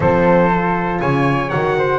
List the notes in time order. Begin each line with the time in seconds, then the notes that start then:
0.00 F3 C4 A4 C5
0.49 F4
1.00 C#3 C#5 G#5
1.50 D#3 F#4 F#5
1.78 C5